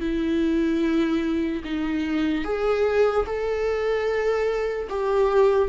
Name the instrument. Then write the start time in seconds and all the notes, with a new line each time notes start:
viola
0.00 E4
1.64 D#4
2.44 G#4
3.26 A4
4.89 G4